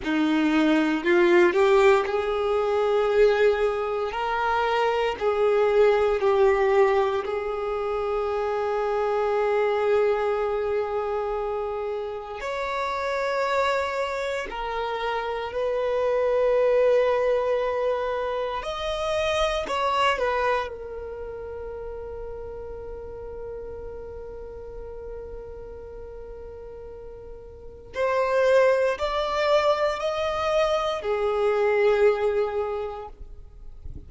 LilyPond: \new Staff \with { instrumentName = "violin" } { \time 4/4 \tempo 4 = 58 dis'4 f'8 g'8 gis'2 | ais'4 gis'4 g'4 gis'4~ | gis'1 | cis''2 ais'4 b'4~ |
b'2 dis''4 cis''8 b'8 | ais'1~ | ais'2. c''4 | d''4 dis''4 gis'2 | }